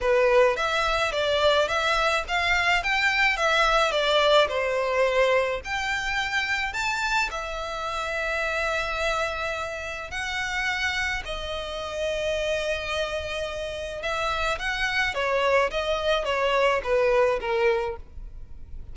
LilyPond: \new Staff \with { instrumentName = "violin" } { \time 4/4 \tempo 4 = 107 b'4 e''4 d''4 e''4 | f''4 g''4 e''4 d''4 | c''2 g''2 | a''4 e''2.~ |
e''2 fis''2 | dis''1~ | dis''4 e''4 fis''4 cis''4 | dis''4 cis''4 b'4 ais'4 | }